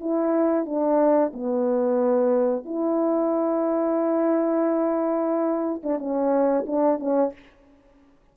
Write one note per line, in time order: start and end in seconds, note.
0.00 0.65 E4
0.65 1.32 D4
1.33 2.65 B3
2.65 5.82 E4
5.83 5.98 D4
5.98 6.65 C#4
6.67 6.99 D4
6.99 7.33 C#4